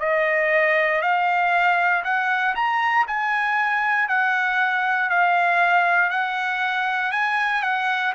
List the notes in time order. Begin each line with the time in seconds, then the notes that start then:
0.00 D#5
1.02 F5
2.04 F#5
2.55 A#5
3.08 G#5
4.09 F#5
5.10 F5
6.11 F#5
7.12 G#5
7.63 F#5